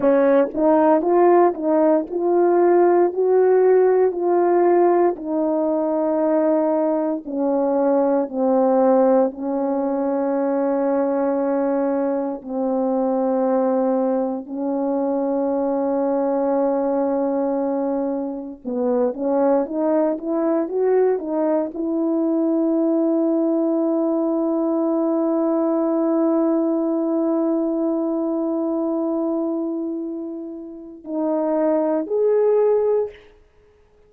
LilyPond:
\new Staff \with { instrumentName = "horn" } { \time 4/4 \tempo 4 = 58 cis'8 dis'8 f'8 dis'8 f'4 fis'4 | f'4 dis'2 cis'4 | c'4 cis'2. | c'2 cis'2~ |
cis'2 b8 cis'8 dis'8 e'8 | fis'8 dis'8 e'2.~ | e'1~ | e'2 dis'4 gis'4 | }